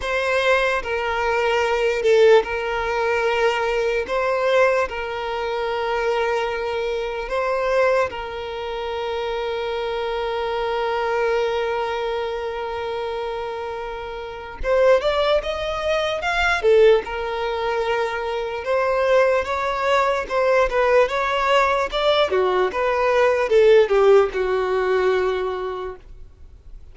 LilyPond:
\new Staff \with { instrumentName = "violin" } { \time 4/4 \tempo 4 = 74 c''4 ais'4. a'8 ais'4~ | ais'4 c''4 ais'2~ | ais'4 c''4 ais'2~ | ais'1~ |
ais'2 c''8 d''8 dis''4 | f''8 a'8 ais'2 c''4 | cis''4 c''8 b'8 cis''4 d''8 fis'8 | b'4 a'8 g'8 fis'2 | }